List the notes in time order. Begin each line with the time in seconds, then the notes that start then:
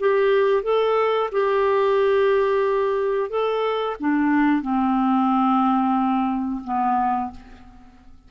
0.00 G4
0.63 A4
1.32 G4
3.30 A4
4.00 D4
4.62 C4
6.65 B3